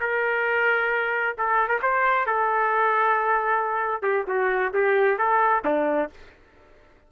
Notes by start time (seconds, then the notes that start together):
0.00 A#4
1.37 A4
1.68 A#4
1.82 C5
2.26 A4
4.02 G4
4.27 F#4
4.73 G4
5.18 A4
5.64 D4